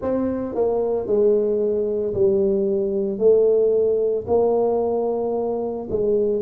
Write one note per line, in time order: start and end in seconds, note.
0.01 0.54 C4
0.54 1.06 A#3
1.06 2.13 G#3
2.14 3.18 G3
3.18 4.25 A3
4.27 5.87 A#3
5.89 6.42 G#3